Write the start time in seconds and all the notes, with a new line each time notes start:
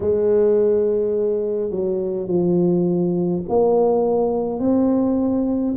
0.00 G#3
1.70 F#3
2.27 F3
3.48 A#3
4.59 C4